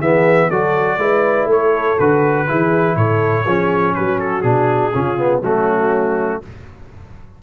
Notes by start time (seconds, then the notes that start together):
0.00 E3 B3 G#4 E5
0.47 F#3 F#4 A4 D5
0.97 G#3 E4 B4
1.45 A3 A4
1.52 C#5
1.99 D3 F#4 B4
2.47 E3 E4 G#4
2.96 A2 A4 C#5
3.45 F3 C#4 G#4
3.95 F#3 F#4 B4
4.20 A4
4.42 B2 D4 G#4
4.94 C#3 C#4 F4
5.18 B3
5.41 F#3 A3 C#4 F#4